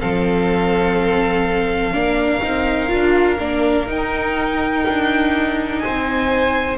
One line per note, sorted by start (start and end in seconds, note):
0.00 1.94 F3
0.00 1.93 C4
0.00 1.94 A4
0.00 3.88 F5
1.93 2.42 A#3
1.93 2.41 D4
1.93 5.83 A#4
2.43 2.91 C4
2.43 2.89 D#4
2.89 3.40 D4
2.89 3.37 F4
3.39 3.88 A#3
3.39 3.86 D4
3.86 6.77 D#4
3.86 4.85 D#4
3.86 5.79 G5
4.87 5.84 D4
5.79 6.78 C5
5.79 6.76 G#5
5.86 6.78 C4